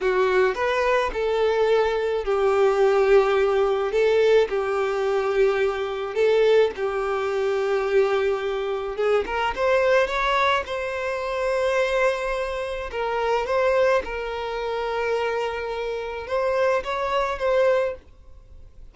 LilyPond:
\new Staff \with { instrumentName = "violin" } { \time 4/4 \tempo 4 = 107 fis'4 b'4 a'2 | g'2. a'4 | g'2. a'4 | g'1 |
gis'8 ais'8 c''4 cis''4 c''4~ | c''2. ais'4 | c''4 ais'2.~ | ais'4 c''4 cis''4 c''4 | }